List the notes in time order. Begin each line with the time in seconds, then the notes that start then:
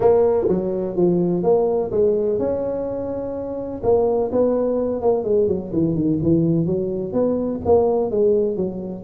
0.00 A#3
0.48 F#3
0.95 F3
1.43 A#3
1.91 G#3
2.38 C#4
3.83 A#3
4.32 B3
5.01 A#3
5.24 G#3
5.47 F#3
5.72 E3
5.95 D#3
6.23 E3
6.66 F#3
7.12 B3
7.65 A#3
8.10 G#3
8.56 F#3